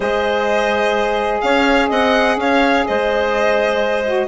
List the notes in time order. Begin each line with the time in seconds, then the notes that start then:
0.00 G#3 G#4 C5 D#5
1.40 C#4 C#5 F5
1.88 C4 D#5 F#5
2.36 C#4 C#5 F5
2.86 G#3 C5 D#5
4.05 F#4